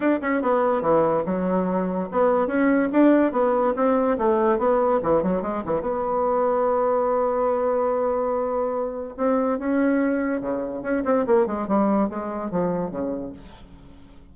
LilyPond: \new Staff \with { instrumentName = "bassoon" } { \time 4/4 \tempo 4 = 144 d'8 cis'8 b4 e4 fis4~ | fis4 b4 cis'4 d'4 | b4 c'4 a4 b4 | e8 fis8 gis8 e8 b2~ |
b1~ | b2 c'4 cis'4~ | cis'4 cis4 cis'8 c'8 ais8 gis8 | g4 gis4 f4 cis4 | }